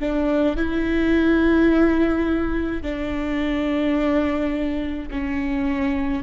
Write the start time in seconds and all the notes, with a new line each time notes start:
0.00 D4
0.57 E4
2.83 D4
5.11 C#4